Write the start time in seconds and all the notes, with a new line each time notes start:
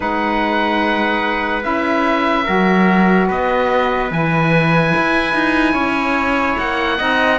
0.00 G#3 D#4 B4 F#5
1.61 C#4 E4 E5
2.44 F#3 F#4 A#4
3.27 B3 B4 D#5
4.10 E3 E4 G#5
4.95 E4
5.34 D#4
5.73 C#4 C#5
6.58 A#3 F#5
6.97 C4 D#4 D#5